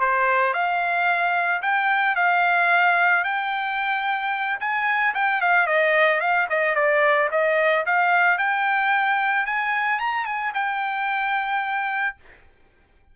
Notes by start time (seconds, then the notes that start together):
0.00 C5
0.53 F5
1.62 G5
2.16 F5
3.24 G5
4.60 G#5
5.14 G5
5.41 F5
5.67 D#5
6.20 F5
6.49 D#5
6.75 D5
7.31 D#5
7.86 F5
8.38 G5
9.46 G#5
9.99 A#5
10.25 G#5
10.54 G5